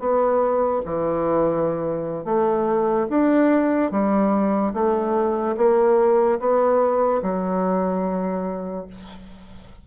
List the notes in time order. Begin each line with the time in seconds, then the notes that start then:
0.00 B3
0.86 E3
2.25 A3
3.10 D4
3.92 G3
4.74 A3
5.57 A#3
6.40 B3
7.23 F#3